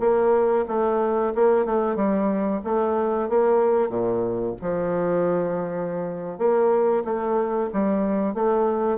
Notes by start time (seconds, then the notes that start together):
0.00 A#3
0.68 A3
1.35 A#3
1.66 A3
1.96 G3
2.64 A3
3.30 A#3
3.90 A#2
4.62 F3
6.39 A#3
7.05 A3
7.73 G3
8.35 A3